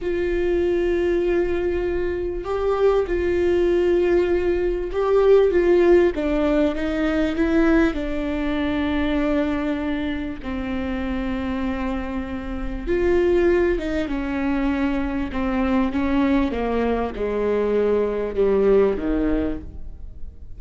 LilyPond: \new Staff \with { instrumentName = "viola" } { \time 4/4 \tempo 4 = 98 f'1 | g'4 f'2. | g'4 f'4 d'4 dis'4 | e'4 d'2.~ |
d'4 c'2.~ | c'4 f'4. dis'8 cis'4~ | cis'4 c'4 cis'4 ais4 | gis2 g4 dis4 | }